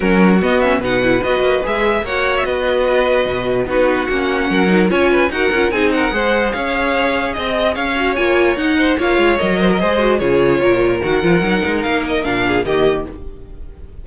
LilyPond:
<<
  \new Staff \with { instrumentName = "violin" } { \time 4/4 \tempo 4 = 147 ais'4 dis''8 e''8 fis''4 dis''4 | e''4 fis''8. e''16 dis''2~ | dis''4 b'4 fis''2 | gis''4 fis''4 gis''8 fis''4. |
f''2 dis''4 f''4 | gis''4 fis''4 f''4 dis''4~ | dis''4 cis''2 fis''4~ | fis''4 f''8 dis''8 f''4 dis''4 | }
  \new Staff \with { instrumentName = "violin" } { \time 4/4 fis'2 b'2~ | b'4 cis''4 b'2~ | b'4 fis'2 ais'4 | cis''8 b'8 ais'4 gis'8 ais'8 c''4 |
cis''2 dis''4 cis''4~ | cis''4. c''8 cis''4. c''16 ais'16 | c''4 gis'4 ais'2~ | ais'2~ ais'8 gis'8 g'4 | }
  \new Staff \with { instrumentName = "viola" } { \time 4/4 cis'4 b8 cis'8 dis'8 e'8 fis'4 | gis'4 fis'2.~ | fis'4 dis'4 cis'4. dis'8 | f'4 fis'8 f'8 dis'4 gis'4~ |
gis'2.~ gis'8 fis'8 | f'4 dis'4 f'4 ais'4 | gis'8 fis'8 f'2 fis'8 f'8 | dis'2 d'4 ais4 | }
  \new Staff \with { instrumentName = "cello" } { \time 4/4 fis4 b4 b,4 b8 ais8 | gis4 ais4 b2 | b,4 b4 ais4 fis4 | cis'4 dis'8 cis'8 c'4 gis4 |
cis'2 c'4 cis'4 | ais4 dis'4 ais8 gis8 fis4 | gis4 cis4 ais,4 dis8 f8 | fis8 gis8 ais4 ais,4 dis4 | }
>>